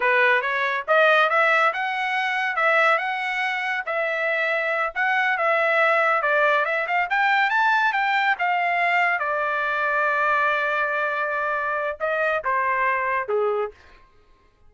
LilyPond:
\new Staff \with { instrumentName = "trumpet" } { \time 4/4 \tempo 4 = 140 b'4 cis''4 dis''4 e''4 | fis''2 e''4 fis''4~ | fis''4 e''2~ e''8 fis''8~ | fis''8 e''2 d''4 e''8 |
f''8 g''4 a''4 g''4 f''8~ | f''4. d''2~ d''8~ | d''1 | dis''4 c''2 gis'4 | }